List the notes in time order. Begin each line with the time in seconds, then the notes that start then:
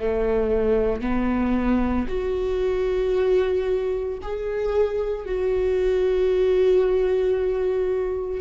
0.00 A3
1.02 B3
2.08 F#4
4.22 G#4
5.26 F#4